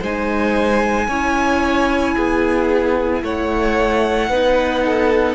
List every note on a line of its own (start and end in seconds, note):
0.00 1.08 G#3
0.00 1.10 D#4
0.00 1.07 C5
0.00 3.24 G#5
1.08 2.15 C#4
1.08 4.31 E4
1.08 2.15 C#5
2.15 3.23 B3
2.15 3.22 G#4
3.23 4.30 A3
3.23 4.29 C#5
3.23 5.35 F#5
4.29 5.35 B3
4.29 5.35 D#4
4.29 4.83 B4
4.86 5.35 A4